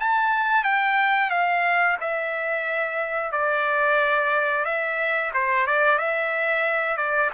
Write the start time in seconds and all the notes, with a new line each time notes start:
0.00 A5
0.64 G5
1.31 F5
2.01 E5
3.32 D5
4.65 E5
5.34 C5
5.67 D5
5.99 E5
6.97 D5